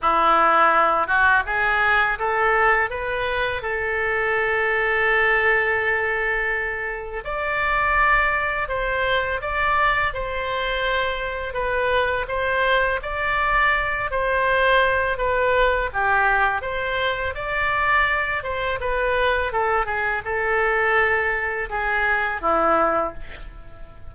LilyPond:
\new Staff \with { instrumentName = "oboe" } { \time 4/4 \tempo 4 = 83 e'4. fis'8 gis'4 a'4 | b'4 a'2.~ | a'2 d''2 | c''4 d''4 c''2 |
b'4 c''4 d''4. c''8~ | c''4 b'4 g'4 c''4 | d''4. c''8 b'4 a'8 gis'8 | a'2 gis'4 e'4 | }